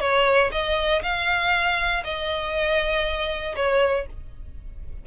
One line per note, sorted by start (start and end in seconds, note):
0.00 0.50 C#5
0.52 1.02 D#5
1.02 2.03 F5
2.04 3.55 D#5
3.55 4.06 C#5